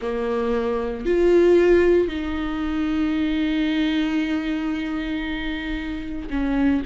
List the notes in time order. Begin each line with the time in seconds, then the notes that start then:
0.01 A#3
1.05 F4
2.08 D#4
6.30 C#4